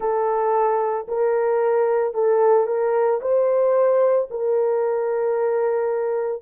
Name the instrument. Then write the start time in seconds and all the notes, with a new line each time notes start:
horn
0.00 A4
1.08 A#4
2.14 A4
2.66 A#4
3.21 C5
4.30 A#4